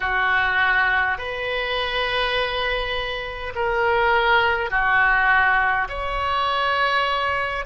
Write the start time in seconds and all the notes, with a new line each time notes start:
0.00 F#4
1.18 B4
3.55 A#4
4.70 F#4
5.88 C#5